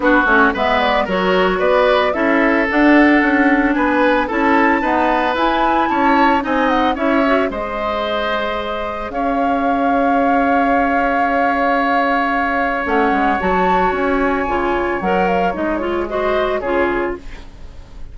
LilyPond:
<<
  \new Staff \with { instrumentName = "flute" } { \time 4/4 \tempo 4 = 112 b'8 cis''8 e''8 d''8 cis''4 d''4 | e''4 fis''2 gis''4 | a''2 gis''4 a''4 | gis''8 fis''8 e''4 dis''2~ |
dis''4 f''2.~ | f''1 | fis''4 a''4 gis''2 | fis''8 f''8 dis''8 cis''8 dis''4 cis''4 | }
  \new Staff \with { instrumentName = "oboe" } { \time 4/4 fis'4 b'4 ais'4 b'4 | a'2. b'4 | a'4 b'2 cis''4 | dis''4 cis''4 c''2~ |
c''4 cis''2.~ | cis''1~ | cis''1~ | cis''2 c''4 gis'4 | }
  \new Staff \with { instrumentName = "clarinet" } { \time 4/4 d'8 cis'8 b4 fis'2 | e'4 d'2. | e'4 b4 e'2 | dis'4 e'8 fis'8 gis'2~ |
gis'1~ | gis'1 | cis'4 fis'2 f'4 | ais'4 dis'8 f'8 fis'4 f'4 | }
  \new Staff \with { instrumentName = "bassoon" } { \time 4/4 b8 a8 gis4 fis4 b4 | cis'4 d'4 cis'4 b4 | cis'4 dis'4 e'4 cis'4 | c'4 cis'4 gis2~ |
gis4 cis'2.~ | cis'1 | a8 gis8 fis4 cis'4 cis4 | fis4 gis2 cis4 | }
>>